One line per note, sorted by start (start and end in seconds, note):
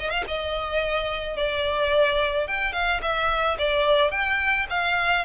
0.00 0.11 D#5
0.11 0.25 F5
0.28 1.37 D#5
1.37 2.48 D5
2.48 2.73 G5
2.73 3.01 F5
3.02 3.58 E5
3.59 4.11 D5
4.11 4.67 G5
4.70 5.26 F5